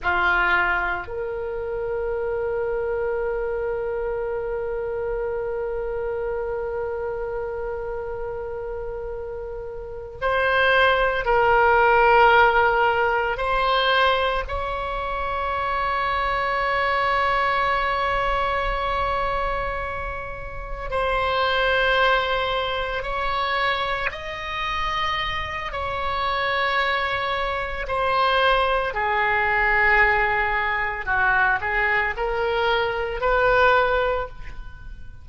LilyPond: \new Staff \with { instrumentName = "oboe" } { \time 4/4 \tempo 4 = 56 f'4 ais'2.~ | ais'1~ | ais'4. c''4 ais'4.~ | ais'8 c''4 cis''2~ cis''8~ |
cis''2.~ cis''8 c''8~ | c''4. cis''4 dis''4. | cis''2 c''4 gis'4~ | gis'4 fis'8 gis'8 ais'4 b'4 | }